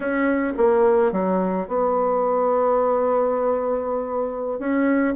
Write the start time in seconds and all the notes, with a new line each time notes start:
0.00 C#4
0.57 A#3
1.12 F#3
1.67 B3
4.59 C#4